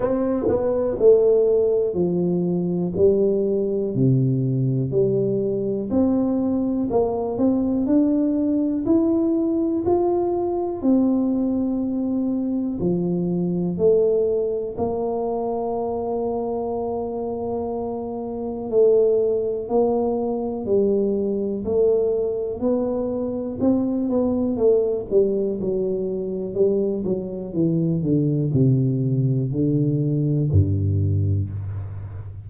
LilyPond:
\new Staff \with { instrumentName = "tuba" } { \time 4/4 \tempo 4 = 61 c'8 b8 a4 f4 g4 | c4 g4 c'4 ais8 c'8 | d'4 e'4 f'4 c'4~ | c'4 f4 a4 ais4~ |
ais2. a4 | ais4 g4 a4 b4 | c'8 b8 a8 g8 fis4 g8 fis8 | e8 d8 c4 d4 g,4 | }